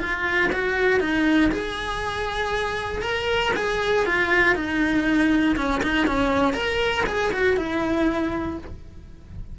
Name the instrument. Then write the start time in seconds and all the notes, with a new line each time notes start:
cello
0.00 F4
0.53 F#4
1.00 D#4
1.52 G#4
3.02 A#4
3.56 G#4
4.06 F4
4.56 D#4
5.57 C#4
5.83 D#4
6.07 C#4
6.54 A#4
7.07 G#4
7.32 F#4
7.57 E4